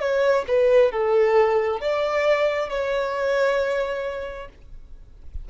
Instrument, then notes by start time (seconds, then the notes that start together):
violin
0.00 C#5
0.48 B4
0.91 A4
1.80 D5
2.69 C#5